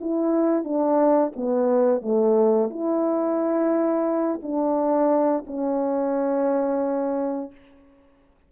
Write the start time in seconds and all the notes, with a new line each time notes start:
0.00 E4
0.64 D4
1.35 B3
2.01 A3
2.70 E4
4.42 D4
5.47 C#4